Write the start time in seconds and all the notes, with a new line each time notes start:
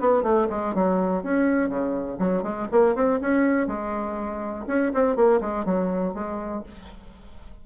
0.00 B3
0.23 A3
0.50 G#3
0.74 F#3
1.23 C#4
1.69 C#3
2.19 F#3
2.43 G#3
2.71 A#3
2.95 C4
3.21 C#4
3.67 G#3
4.67 C#4
4.94 C4
5.16 A#3
5.41 G#3
5.65 F#3
6.14 G#3